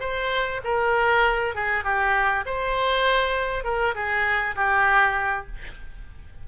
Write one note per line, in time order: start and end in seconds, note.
0.00 0.61 C5
0.64 1.55 A#4
1.55 1.84 G#4
1.84 2.45 G4
2.46 3.64 C5
3.64 3.94 A#4
3.95 4.55 G#4
4.55 5.46 G4